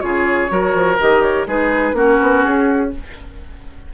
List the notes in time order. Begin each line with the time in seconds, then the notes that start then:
0.00 C#3 F4 G#4 C#5
0.48 F#3 F#4 A#4
0.74 F3
1.00 D#3 G4 D#5
1.22 C#5
1.47 G#3 D#4 G#4 B4
1.93 A#3 C#4 F#4 A#4
2.21 B3
2.43 C#4 G#4